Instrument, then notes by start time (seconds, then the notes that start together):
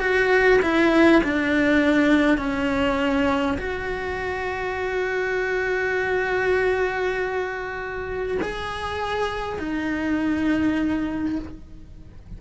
cello
0.00 F#4
0.62 E4
1.23 D4
2.38 C#4
3.58 F#4
8.42 G#4
9.59 D#4